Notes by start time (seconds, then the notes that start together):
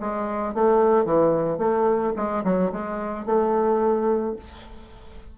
0.00 G#3
0.55 A3
1.05 E3
1.59 A3
2.16 G#3
2.44 F#3
2.72 G#3
3.26 A3